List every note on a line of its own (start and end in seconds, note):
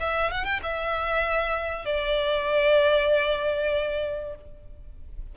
0.00 0.31 E5
0.32 0.45 F#5
0.45 0.60 G5
0.63 1.86 E5
1.86 4.36 D5